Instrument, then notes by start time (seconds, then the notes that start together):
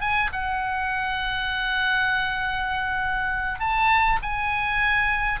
oboe
0.00 G#5
0.32 F#5
3.59 A5
4.22 G#5